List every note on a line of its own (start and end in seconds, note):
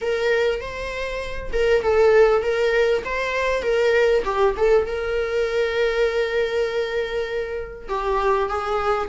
0.01 0.60 A#4
0.60 1.51 C5
1.53 1.82 A#4
1.82 2.42 A4
2.42 3.02 A#4
3.04 3.62 C5
3.62 4.23 A#4
4.25 4.55 G4
4.56 4.86 A4
4.86 7.88 A#4
7.88 8.49 G4
8.49 9.09 G#4